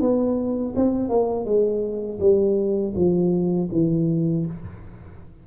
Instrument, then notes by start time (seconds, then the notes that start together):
tuba
0.00 B3
0.75 C4
1.09 A#3
1.45 G#3
2.20 G3
2.95 F3
3.71 E3